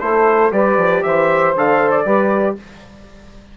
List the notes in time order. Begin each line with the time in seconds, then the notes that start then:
0.00 A3 E4 A4 C5
0.51 G3 G4 B4 D5
0.76 F3
1.02 E3 C5 E5
1.55 D3 A4 F5
1.91 D5
2.04 G3 G4 B4